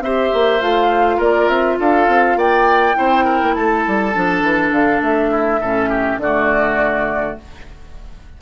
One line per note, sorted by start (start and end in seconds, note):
0.00 0.29 C4
0.00 0.60 G4
0.00 1.17 C5
0.00 0.61 E5
0.33 0.61 A#3
0.60 1.19 A3
0.60 2.94 F4
0.60 1.20 F5
1.17 1.48 A#3
1.17 1.75 A#4
1.17 1.48 D5
1.48 1.77 C4
1.48 1.77 E5
1.79 2.07 D4
1.79 2.38 A4
1.79 2.38 F5
2.07 2.36 C4
2.36 2.94 A#3
2.36 2.96 D5
2.36 3.54 G5
2.94 3.42 C4
2.94 4.12 E4
2.94 3.24 C5
3.24 3.54 A#4
3.42 3.56 A#3
3.54 3.86 A3
3.54 5.30 A4
3.54 4.72 A5
3.87 4.15 G3
4.13 4.42 F3
4.13 5.60 D4
4.42 4.71 E3
4.71 5.00 D3
4.71 5.02 F5
5.01 5.59 A3
5.01 6.20 E5
5.30 5.60 E4
5.60 6.17 A2
5.60 6.21 C#4
5.60 5.89 A4
5.89 6.18 G4
6.17 7.35 D3
6.17 7.40 F#4
6.17 7.37 D5
6.23 7.41 A3